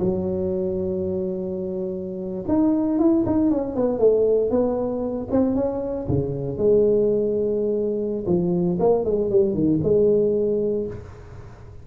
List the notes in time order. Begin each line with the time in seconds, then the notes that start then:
0.00 F#3
2.49 D#4
2.99 E4
3.26 D#4
3.51 C#4
3.76 B3
3.99 A3
4.51 B3
5.32 C4
5.56 C#4
6.08 C#3
6.58 G#3
8.27 F3
8.80 A#3
9.05 G#3
9.31 G3
9.54 D#3
9.84 G#3